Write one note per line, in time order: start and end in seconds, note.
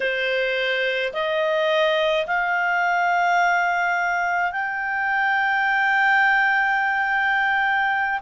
0.00 1.13 C5
1.13 2.26 D#5
2.26 4.52 F5
4.52 8.20 G5